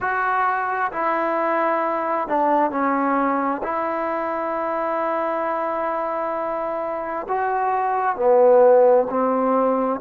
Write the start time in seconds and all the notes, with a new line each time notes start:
0.00 F#4
0.91 E4
2.27 D4
2.70 C#4
3.63 E4
7.28 F#4
8.16 B3
9.09 C4